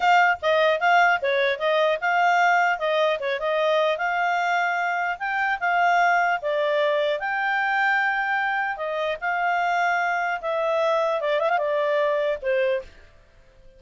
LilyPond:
\new Staff \with { instrumentName = "clarinet" } { \time 4/4 \tempo 4 = 150 f''4 dis''4 f''4 cis''4 | dis''4 f''2 dis''4 | cis''8 dis''4. f''2~ | f''4 g''4 f''2 |
d''2 g''2~ | g''2 dis''4 f''4~ | f''2 e''2 | d''8 e''16 f''16 d''2 c''4 | }